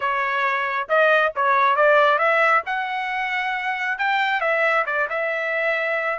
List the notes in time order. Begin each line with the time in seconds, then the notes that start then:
0.00 C#5
0.88 D#5
1.35 C#5
1.76 D5
2.18 E5
2.66 F#5
3.98 G5
4.40 E5
4.86 D5
5.09 E5